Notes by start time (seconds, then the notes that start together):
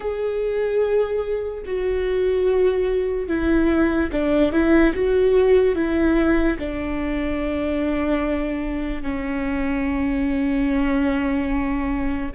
0.00 G#4
1.65 F#4
3.28 E4
4.11 D4
4.52 E4
4.94 F#4
5.75 E4
6.59 D4
9.02 C#4